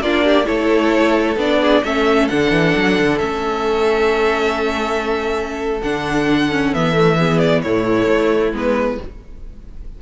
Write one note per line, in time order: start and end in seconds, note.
0.00 0.45 A#3
0.00 0.45 D4
0.00 0.25 F4
0.00 0.46 D5
0.25 0.46 G4
0.45 1.36 A3
0.45 1.35 E4
0.45 1.59 A4
0.45 1.37 C#5
1.36 1.82 B3
1.36 1.84 D4
1.36 1.84 D5
1.61 1.83 G#4
1.84 2.30 A3
1.84 2.30 C#4
1.84 7.16 A4
1.84 2.28 E5
2.28 2.51 D3
2.28 3.19 D4
2.28 3.18 F#5
2.51 2.74 E3
2.77 2.99 F#3
2.99 3.20 D3
3.18 5.82 A3
3.18 5.80 C#4
3.18 5.80 E5
5.83 6.74 D3
5.83 6.52 D4
5.83 6.74 F#5
6.52 6.74 C#4
6.74 7.64 E3
6.74 6.93 B3
6.74 7.39 E5
6.93 7.16 A3
7.16 7.65 B3
7.16 7.62 G#4
7.39 7.61 D5
7.62 8.08 A2
7.62 8.53 A3
7.62 9.00 E4
7.62 8.53 C#5
8.08 8.52 A3
8.52 8.98 G#3
8.52 8.99 B3
8.52 9.02 B4